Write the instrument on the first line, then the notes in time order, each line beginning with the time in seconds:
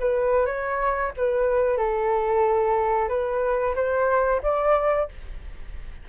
flute
0.00 B4
0.46 C#5
1.17 B4
1.78 A4
3.09 B4
3.76 C5
4.43 D5